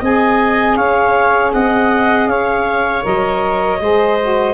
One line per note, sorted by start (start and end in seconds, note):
0.00 0.77 C4
0.00 3.02 G#4
0.00 0.76 D#5
0.00 0.76 G#5
0.76 1.53 C#4
0.76 1.53 C#5
0.76 1.52 F5
1.52 2.27 C4
1.52 2.29 D#5
1.52 2.28 F#5
2.27 3.03 C#4
2.27 3.81 C#5
2.27 3.04 F5
3.02 3.80 F#3
3.02 3.78 A#4
3.02 4.53 D#5
3.80 4.53 G#3
3.80 4.19 G#4
3.80 4.53 C5
4.22 4.53 F#4